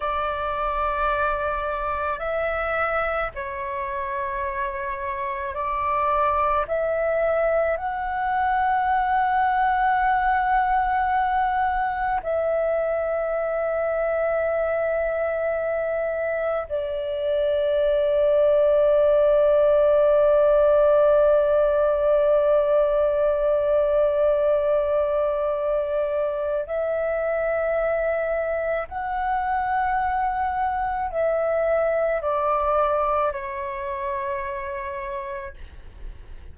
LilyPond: \new Staff \with { instrumentName = "flute" } { \time 4/4 \tempo 4 = 54 d''2 e''4 cis''4~ | cis''4 d''4 e''4 fis''4~ | fis''2. e''4~ | e''2. d''4~ |
d''1~ | d''1 | e''2 fis''2 | e''4 d''4 cis''2 | }